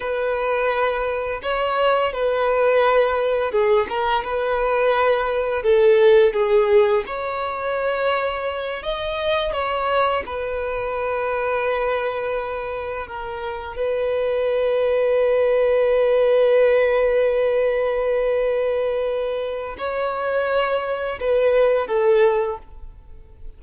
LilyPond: \new Staff \with { instrumentName = "violin" } { \time 4/4 \tempo 4 = 85 b'2 cis''4 b'4~ | b'4 gis'8 ais'8 b'2 | a'4 gis'4 cis''2~ | cis''8 dis''4 cis''4 b'4.~ |
b'2~ b'8 ais'4 b'8~ | b'1~ | b'1 | cis''2 b'4 a'4 | }